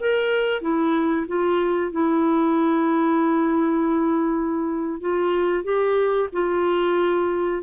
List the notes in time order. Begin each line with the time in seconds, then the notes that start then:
0.00 A#4
0.62 E4
1.28 F4
1.92 E4
5.01 F4
5.64 G4
6.33 F4